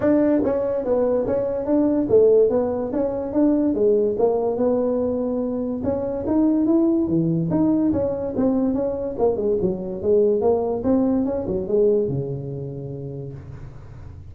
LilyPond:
\new Staff \with { instrumentName = "tuba" } { \time 4/4 \tempo 4 = 144 d'4 cis'4 b4 cis'4 | d'4 a4 b4 cis'4 | d'4 gis4 ais4 b4~ | b2 cis'4 dis'4 |
e'4 e4 dis'4 cis'4 | c'4 cis'4 ais8 gis8 fis4 | gis4 ais4 c'4 cis'8 fis8 | gis4 cis2. | }